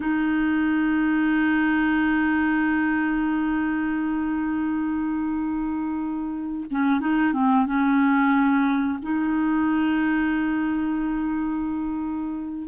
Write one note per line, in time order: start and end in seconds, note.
0.00 6.66 D#4
6.70 7.00 C#4
7.00 7.33 D#4
7.33 7.65 C4
7.65 8.99 C#4
9.02 12.68 D#4